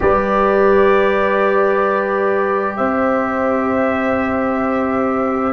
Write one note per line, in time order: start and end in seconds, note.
0.00 2.77 G3
0.00 5.52 G4
0.00 2.77 B4
0.00 2.76 D5
2.76 5.52 C4
2.76 5.52 C5
2.76 5.52 E5